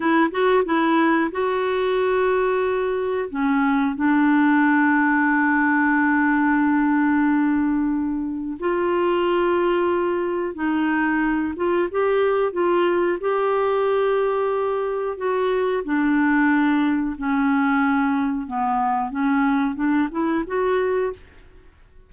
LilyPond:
\new Staff \with { instrumentName = "clarinet" } { \time 4/4 \tempo 4 = 91 e'8 fis'8 e'4 fis'2~ | fis'4 cis'4 d'2~ | d'1~ | d'4 f'2. |
dis'4. f'8 g'4 f'4 | g'2. fis'4 | d'2 cis'2 | b4 cis'4 d'8 e'8 fis'4 | }